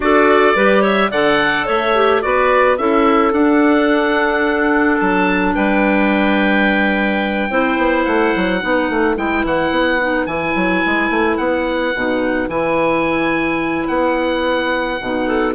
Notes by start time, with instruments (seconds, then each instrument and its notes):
0.00 bassoon D4, clarinet F#4 A4, oboe D5
0.55 bassoon G3, clarinet G4 B4
0.81 clarinet C#5, oboe E5
1.10 bassoon D3, clarinet A4 D5, oboe F#5
1.66 bassoon A3, clarinet C#5, oboe E5
1.94 clarinet G4
2.21 bassoon B3, clarinet F#4 B4, oboe D5
2.77 bassoon C#4, clarinet E4 A4, oboe E5
3.32 bassoon D4, clarinet D4, oboe F#5
4.99 bassoon F#3, oboe A5
5.55 bassoon G3, clarinet B4, oboe G5
7.49 bassoon C4, clarinet E4 C5
7.77 bassoon B3
8.04 bassoon A3, oboe F#5
8.35 bassoon F#3
8.59 bassoon B3, clarinet D#4 B4
8.89 bassoon A3
9.16 bassoon G#3, clarinet E4, oboe G5
9.44 bassoon E3, oboe F#5
9.70 bassoon B3
10.00 clarinet D#4
10.26 bassoon E3, clarinet E4, oboe G#5
10.55 bassoon F#3
10.86 bassoon G#3
11.09 bassoon A3
11.37 bassoon B3, oboe F#5
11.94 bassoon B2, clarinet D#4
12.48 bassoon E3, clarinet E4, oboe G#5
13.87 bassoon B3, oboe F#5
15.01 bassoon B2, clarinet D#4
15.26 clarinet A4